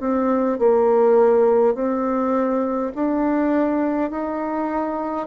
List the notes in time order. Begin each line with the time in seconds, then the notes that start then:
0.00 C4
0.59 A#3
1.74 C4
2.95 D4
4.11 D#4